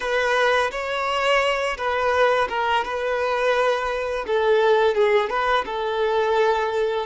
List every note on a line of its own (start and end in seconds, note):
0.00 0.70 B4
0.71 1.77 C#5
1.77 2.48 B4
2.49 2.84 A#4
2.84 4.25 B4
4.26 4.94 A4
4.94 5.29 G#4
5.29 5.65 B4
5.65 7.06 A4